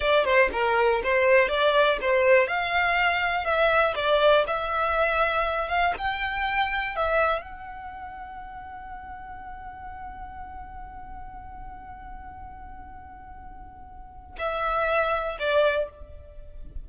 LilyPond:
\new Staff \with { instrumentName = "violin" } { \time 4/4 \tempo 4 = 121 d''8 c''8 ais'4 c''4 d''4 | c''4 f''2 e''4 | d''4 e''2~ e''8 f''8 | g''2 e''4 fis''4~ |
fis''1~ | fis''1~ | fis''1~ | fis''4 e''2 d''4 | }